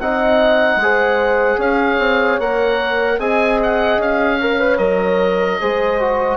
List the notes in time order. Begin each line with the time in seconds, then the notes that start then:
0.00 C4 D#4 D#5 F#5
0.76 G#3
0.82 G#4 C5
1.58 C#4 C#5 F5
1.99 C4
2.39 A#3 A#4 F#5
3.18 C4 G#4 D#5 G#5
3.63 F#5
3.98 C#4 F5
4.41 A#4 C#5
4.60 B4
4.78 F#3 A#4 D#5
5.61 G#3 G#4 C5
6.00 F#4